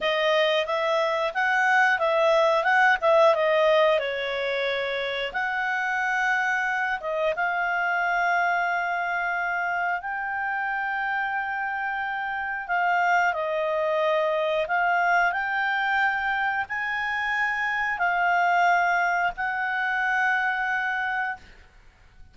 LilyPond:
\new Staff \with { instrumentName = "clarinet" } { \time 4/4 \tempo 4 = 90 dis''4 e''4 fis''4 e''4 | fis''8 e''8 dis''4 cis''2 | fis''2~ fis''8 dis''8 f''4~ | f''2. g''4~ |
g''2. f''4 | dis''2 f''4 g''4~ | g''4 gis''2 f''4~ | f''4 fis''2. | }